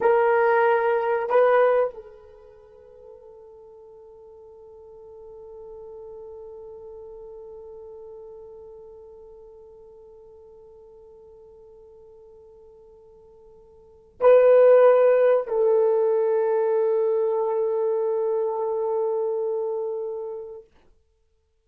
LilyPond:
\new Staff \with { instrumentName = "horn" } { \time 4/4 \tempo 4 = 93 ais'2 b'4 a'4~ | a'1~ | a'1~ | a'1~ |
a'1~ | a'2 b'2 | a'1~ | a'1 | }